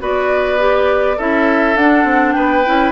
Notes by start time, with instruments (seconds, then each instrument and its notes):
0.00 bassoon B3, clarinet F#4, oboe B4, flute D5
0.59 clarinet G4
1.17 bassoon C#4, clarinet E4, oboe A4, flute E5
1.76 bassoon D4, clarinet D4, flute F#5
2.05 bassoon C4
2.32 bassoon B3, oboe B4, flute G5
2.65 bassoon C#4, clarinet E4